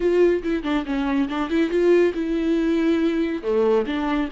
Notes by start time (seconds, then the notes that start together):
0.00 F4
0.43 E4
0.63 D4
0.85 C#4
1.28 D4
1.49 E4
1.69 F4
2.14 E4
3.42 A3
3.86 D4